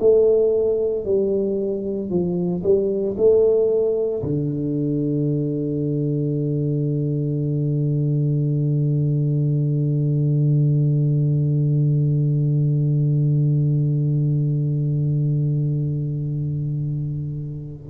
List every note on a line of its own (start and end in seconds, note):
0.00 1.05 A3
1.05 2.11 G3
2.11 2.63 F3
2.64 3.16 G3
3.18 4.23 A3
4.23 17.90 D3